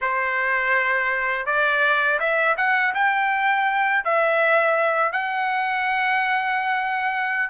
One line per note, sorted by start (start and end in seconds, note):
0.01 1.46 C5
1.46 2.19 D5
2.19 2.56 E5
2.57 2.93 F#5
2.94 4.04 G5
4.04 5.12 E5
5.12 7.49 F#5